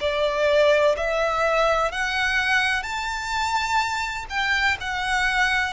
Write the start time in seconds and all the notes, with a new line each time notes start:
0.00 D5
0.97 E5
1.91 F#5
2.83 A5
4.29 G5
4.80 F#5